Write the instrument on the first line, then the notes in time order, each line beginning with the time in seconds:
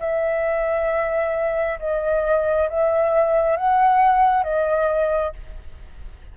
flute
0.00 E5
1.80 D#5
2.69 E5
3.57 F#5
4.43 D#5